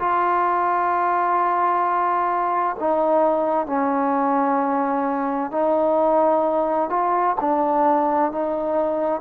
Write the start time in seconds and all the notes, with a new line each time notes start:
0.00 F4
2.80 D#4
3.67 C#4
5.51 D#4
6.90 F4
7.41 D4
8.32 D#4